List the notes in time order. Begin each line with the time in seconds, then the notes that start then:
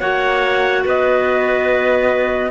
0.00 A#3 F#4 C#5 F#5
0.85 B3 B4 D#5